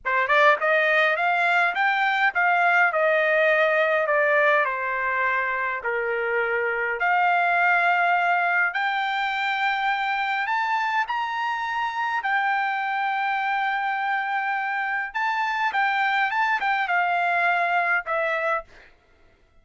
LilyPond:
\new Staff \with { instrumentName = "trumpet" } { \time 4/4 \tempo 4 = 103 c''8 d''8 dis''4 f''4 g''4 | f''4 dis''2 d''4 | c''2 ais'2 | f''2. g''4~ |
g''2 a''4 ais''4~ | ais''4 g''2.~ | g''2 a''4 g''4 | a''8 g''8 f''2 e''4 | }